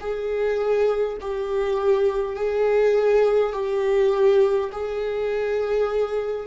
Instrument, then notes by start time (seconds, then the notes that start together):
viola
0.00 G#4
1.21 G4
2.35 G#4
3.53 G4
4.72 G#4